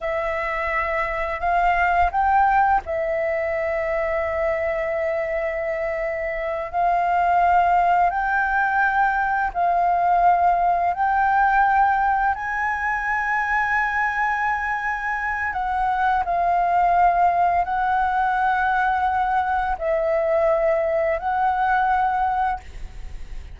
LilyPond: \new Staff \with { instrumentName = "flute" } { \time 4/4 \tempo 4 = 85 e''2 f''4 g''4 | e''1~ | e''4. f''2 g''8~ | g''4. f''2 g''8~ |
g''4. gis''2~ gis''8~ | gis''2 fis''4 f''4~ | f''4 fis''2. | e''2 fis''2 | }